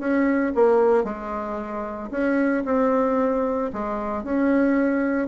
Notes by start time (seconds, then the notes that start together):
0.00 C#4
0.55 A#3
1.04 G#3
2.11 C#4
2.65 C4
3.73 G#3
4.24 C#4